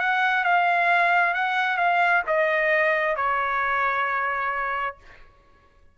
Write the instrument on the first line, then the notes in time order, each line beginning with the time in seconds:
trumpet
0.00 F#5
0.44 F5
1.35 F#5
1.78 F5
2.27 D#5
3.16 C#5